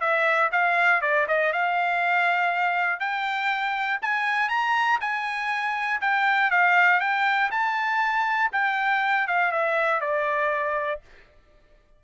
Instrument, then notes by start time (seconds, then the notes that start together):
trumpet
0.00 E5
0.51 F5
1.01 D5
1.27 D#5
1.52 F5
2.99 G5
4.02 G#5
4.49 A#5
5.00 G#5
6.01 G5
6.50 F5
7.00 G5
7.51 A5
8.52 G5
9.27 F5
9.51 E5
10.00 D5